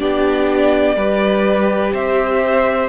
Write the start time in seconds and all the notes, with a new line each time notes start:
0.00 B3 D4 G4 D5
0.96 G3 G4 B4
1.94 C4 C5 E5